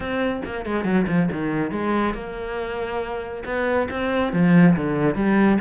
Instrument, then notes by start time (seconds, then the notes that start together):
cello
0.00 C4
0.45 A#3
0.65 G#3
0.84 F#3
1.07 F3
1.31 D#3
1.71 G#3
2.14 A#3
3.45 B3
3.90 C4
4.32 F3
4.76 D3
5.15 G3